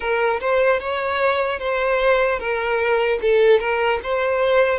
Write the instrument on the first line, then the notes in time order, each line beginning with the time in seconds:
violin
0.00 A#4
0.40 C5
0.80 C#5
1.59 C5
2.39 A#4
3.21 A4
3.59 A#4
4.03 C5